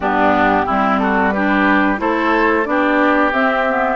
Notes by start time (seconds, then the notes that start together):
0.00 G2 B3 D4 G4
0.65 G3 C4 E4
0.98 F#4 A4
1.30 D4 G4 B4
1.97 A3 E4 A4 C5
2.65 B3 D4 G4 D5
3.32 C4 E5
3.68 B3